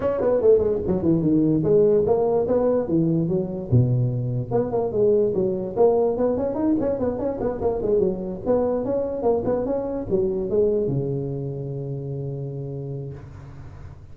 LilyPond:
\new Staff \with { instrumentName = "tuba" } { \time 4/4 \tempo 4 = 146 cis'8 b8 a8 gis8 fis8 e8 dis4 | gis4 ais4 b4 e4 | fis4 b,2 b8 ais8 | gis4 fis4 ais4 b8 cis'8 |
dis'8 cis'8 b8 cis'8 b8 ais8 gis8 fis8~ | fis8 b4 cis'4 ais8 b8 cis'8~ | cis'8 fis4 gis4 cis4.~ | cis1 | }